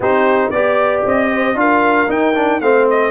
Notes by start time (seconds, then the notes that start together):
0.00 C4 D#4 G4 C5
0.50 B3 G4 D5
1.05 C4 D#5
1.32 C5
1.54 D4 F4 A#4 F5
2.08 D#4 G5
2.35 D4
2.60 A3 C4 C5 F5
2.90 D#5